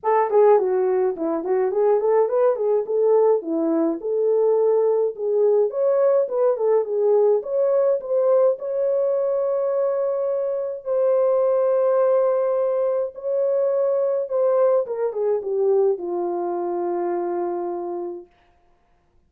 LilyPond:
\new Staff \with { instrumentName = "horn" } { \time 4/4 \tempo 4 = 105 a'8 gis'8 fis'4 e'8 fis'8 gis'8 a'8 | b'8 gis'8 a'4 e'4 a'4~ | a'4 gis'4 cis''4 b'8 a'8 | gis'4 cis''4 c''4 cis''4~ |
cis''2. c''4~ | c''2. cis''4~ | cis''4 c''4 ais'8 gis'8 g'4 | f'1 | }